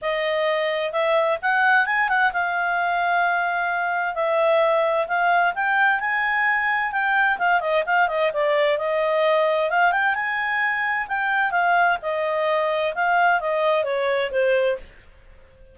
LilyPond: \new Staff \with { instrumentName = "clarinet" } { \time 4/4 \tempo 4 = 130 dis''2 e''4 fis''4 | gis''8 fis''8 f''2.~ | f''4 e''2 f''4 | g''4 gis''2 g''4 |
f''8 dis''8 f''8 dis''8 d''4 dis''4~ | dis''4 f''8 g''8 gis''2 | g''4 f''4 dis''2 | f''4 dis''4 cis''4 c''4 | }